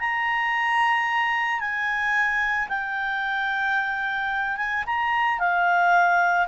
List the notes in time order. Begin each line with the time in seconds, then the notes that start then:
0.00 A#5
1.61 G#5
2.69 G5
4.57 G#5
4.87 A#5
5.40 F5